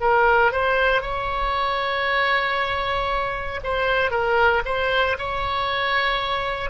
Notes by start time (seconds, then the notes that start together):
0.00 A#4
0.52 C5
1.01 C#5
3.63 C5
4.10 A#4
4.65 C5
5.18 C#5